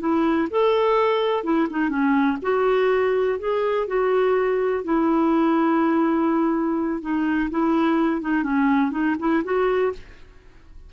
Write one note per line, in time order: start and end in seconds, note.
0.00 0.48 E4
0.51 1.44 A4
1.44 1.68 E4
1.70 1.89 D#4
1.89 2.38 C#4
2.42 3.39 F#4
3.39 3.88 G#4
3.88 4.84 F#4
4.84 7.01 E4
7.01 7.50 D#4
7.51 8.22 E4
8.22 8.43 D#4
8.43 8.92 C#4
8.92 9.16 D#4
9.19 9.44 E4
9.44 9.93 F#4